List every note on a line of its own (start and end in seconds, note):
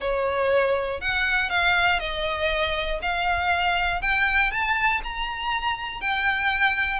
0.00 1.00 C#5
1.00 1.49 F#5
1.49 1.99 F5
1.99 2.99 D#5
3.02 4.01 F5
4.01 4.51 G5
4.51 5.01 A5
5.03 6.00 A#5
6.00 6.99 G5